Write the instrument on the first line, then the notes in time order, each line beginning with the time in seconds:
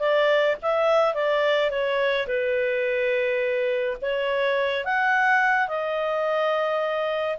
clarinet
0.00 D5
0.63 E5
1.15 D5
1.71 C#5
2.28 B4
4.02 C#5
4.86 F#5
5.69 D#5